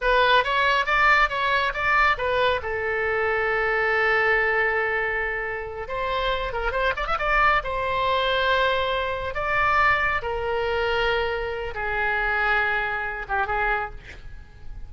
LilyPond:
\new Staff \with { instrumentName = "oboe" } { \time 4/4 \tempo 4 = 138 b'4 cis''4 d''4 cis''4 | d''4 b'4 a'2~ | a'1~ | a'4. c''4. ais'8 c''8 |
d''16 e''16 d''4 c''2~ c''8~ | c''4. d''2 ais'8~ | ais'2. gis'4~ | gis'2~ gis'8 g'8 gis'4 | }